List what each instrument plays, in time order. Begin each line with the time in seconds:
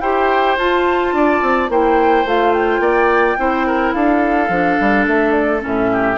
0.00 bassoon E4, clarinet G4, oboe C5, flute G5
0.58 bassoon F4, clarinet F4, flute A5
1.13 bassoon D4, oboe D5
1.42 bassoon C4
1.69 bassoon A#3, clarinet E4, oboe C5, flute G5
2.25 bassoon A3, clarinet F4, flute F5
2.53 flute G5
2.80 bassoon A#3, oboe D5
3.37 bassoon C4, clarinet E4, oboe C5
3.67 oboe A#4
3.93 bassoon D4, oboe A4, flute F5
4.49 bassoon F3, clarinet D4
4.80 bassoon G3
5.07 bassoon A3, flute E5
5.32 flute D5
5.60 bassoon A2, clarinet C#4
5.66 flute E5
5.93 oboe G4